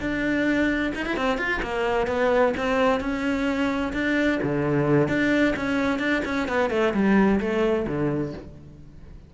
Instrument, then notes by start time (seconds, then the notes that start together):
cello
0.00 D4
0.95 D#4
1.06 E4
1.16 C4
1.37 F4
1.62 A#3
2.07 B3
2.57 C4
3.00 C#4
3.93 D4
4.42 D3
5.08 D4
5.56 C#4
5.99 D4
6.25 C#4
6.48 B3
6.70 A3
6.94 G3
7.40 A3
7.87 D3